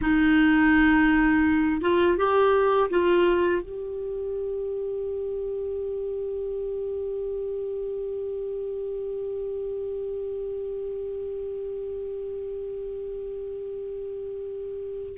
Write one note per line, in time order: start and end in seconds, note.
0.01 1.81 D#4
1.81 2.17 F4
2.17 2.89 G4
2.89 3.61 F4
3.61 15.17 G4